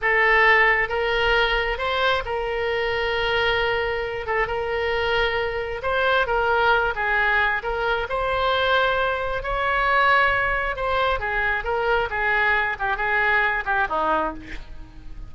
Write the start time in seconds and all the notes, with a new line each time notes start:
0.01 A4
0.88 A#4
1.78 C5
2.25 A#4
4.26 A4
4.47 A#4
5.82 C5
6.26 A#4
6.95 G#4
7.62 A#4
8.09 C5
9.42 C#5
10.76 C5
11.19 G#4
11.64 A#4
12.09 G#4
12.79 G4
12.96 G#4
13.65 G4
13.88 D#4